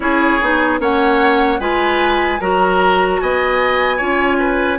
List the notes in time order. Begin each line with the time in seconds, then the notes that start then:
0.00 C#4 E4 G#4 C#5
0.40 B3 D#4
0.79 A#3 C#4 C#5 F#5
1.59 G#3 F4 B4 G#5
2.40 F#3 F#4 A#4 A#5
3.20 B3 D#5 G#5
3.96 C#4 F4 C#5
4.39 B4